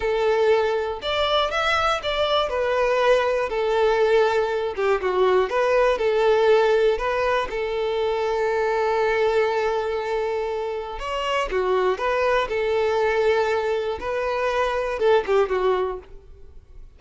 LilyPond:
\new Staff \with { instrumentName = "violin" } { \time 4/4 \tempo 4 = 120 a'2 d''4 e''4 | d''4 b'2 a'4~ | a'4. g'8 fis'4 b'4 | a'2 b'4 a'4~ |
a'1~ | a'2 cis''4 fis'4 | b'4 a'2. | b'2 a'8 g'8 fis'4 | }